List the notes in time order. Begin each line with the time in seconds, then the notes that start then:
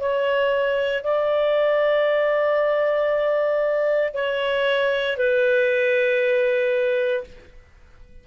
0.00 C#5
1.03 D5
4.14 C#5
5.17 B4